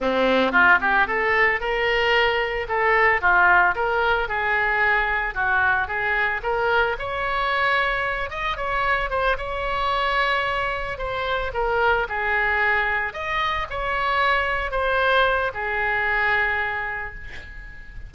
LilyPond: \new Staff \with { instrumentName = "oboe" } { \time 4/4 \tempo 4 = 112 c'4 f'8 g'8 a'4 ais'4~ | ais'4 a'4 f'4 ais'4 | gis'2 fis'4 gis'4 | ais'4 cis''2~ cis''8 dis''8 |
cis''4 c''8 cis''2~ cis''8~ | cis''8 c''4 ais'4 gis'4.~ | gis'8 dis''4 cis''2 c''8~ | c''4 gis'2. | }